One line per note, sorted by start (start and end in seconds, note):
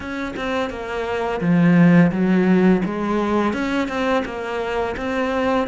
0.00 0.34 C#4
0.36 0.69 C4
0.69 1.40 A#3
1.40 2.11 F3
2.11 2.82 F#3
2.85 3.53 G#3
3.53 3.88 C#4
3.88 4.24 C4
4.25 4.95 A#3
4.96 5.67 C4